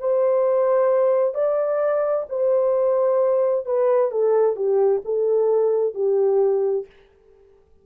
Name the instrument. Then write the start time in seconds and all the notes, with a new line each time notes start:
horn
0.00 C5
1.35 D5
2.29 C5
3.66 B4
4.12 A4
4.56 G4
5.05 A4
5.95 G4